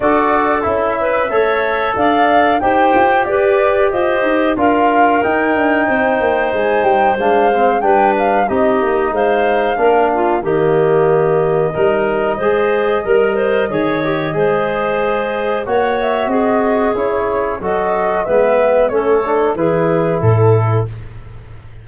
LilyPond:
<<
  \new Staff \with { instrumentName = "flute" } { \time 4/4 \tempo 4 = 92 d''4 e''2 f''4 | g''4 d''4 dis''4 f''4 | g''2 gis''8 g''8 f''4 | g''8 f''8 dis''4 f''2 |
dis''1~ | dis''1 | fis''8 e''8 dis''4 cis''4 dis''4 | e''4 cis''4 b'4 a'4 | }
  \new Staff \with { instrumentName = "clarinet" } { \time 4/4 a'4. b'8 cis''4 d''4 | c''4 b'4 c''4 ais'4~ | ais'4 c''2. | b'4 g'4 c''4 ais'8 f'8 |
g'2 ais'4 c''4 | ais'8 c''8 cis''4 c''2 | cis''4 gis'2 a'4 | b'4 a'4 gis'4 a'4 | }
  \new Staff \with { instrumentName = "trombone" } { \time 4/4 fis'4 e'4 a'2 | g'2. f'4 | dis'2. d'8 c'8 | d'4 dis'2 d'4 |
ais2 dis'4 gis'4 | ais'4 gis'8 g'8 gis'2 | fis'2 e'4 fis'4 | b4 cis'8 d'8 e'2 | }
  \new Staff \with { instrumentName = "tuba" } { \time 4/4 d'4 cis'4 a4 d'4 | dis'8 f'8 g'4 f'8 dis'8 d'4 | dis'8 d'8 c'8 ais8 gis8 g8 gis4 | g4 c'8 ais8 gis4 ais4 |
dis2 g4 gis4 | g4 dis4 gis2 | ais4 c'4 cis'4 fis4 | gis4 a4 e4 a,4 | }
>>